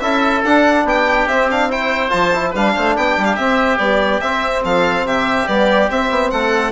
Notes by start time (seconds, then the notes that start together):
0.00 C#4 E4 A4 E5
0.44 D4 F#5
0.84 B3 G4 G5
1.26 C4 E5
1.50 D4 F5
1.70 E4 C5 G5
2.09 F3 F4 A5
2.33 E4
2.50 G3 B4 F5
2.57 D4
2.75 A3 C5
2.95 B3 G4 G5
3.17 G3
3.24 F5
3.35 C4 E5
3.78 G3 B3 D5
4.20 C4 E5
4.64 F3 A4 F5
5.03 C3 G4 E5
5.47 G3 B3 D5
5.89 C4 E5
6.10 B3
6.30 A3 A4 F#5